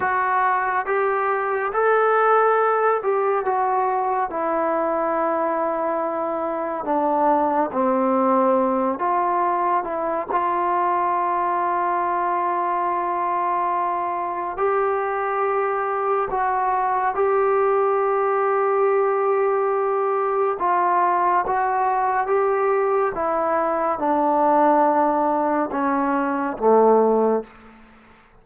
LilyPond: \new Staff \with { instrumentName = "trombone" } { \time 4/4 \tempo 4 = 70 fis'4 g'4 a'4. g'8 | fis'4 e'2. | d'4 c'4. f'4 e'8 | f'1~ |
f'4 g'2 fis'4 | g'1 | f'4 fis'4 g'4 e'4 | d'2 cis'4 a4 | }